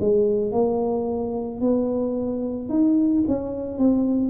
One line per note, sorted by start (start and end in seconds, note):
0.00 0.52 G#3
0.52 1.60 A#3
1.60 2.69 B3
2.69 3.23 D#4
3.27 3.78 C#4
3.78 4.30 C4